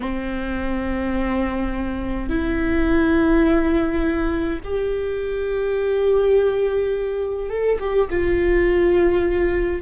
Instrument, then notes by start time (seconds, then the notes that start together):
viola
0.00 C4
2.29 E4
4.64 G4
7.49 A4
7.79 G4
8.10 F4